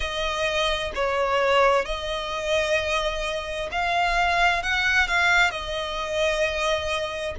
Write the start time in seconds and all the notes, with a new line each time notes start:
0.00 D#5
0.94 C#5
1.85 D#5
3.71 F5
4.62 F#5
5.07 F5
5.50 D#5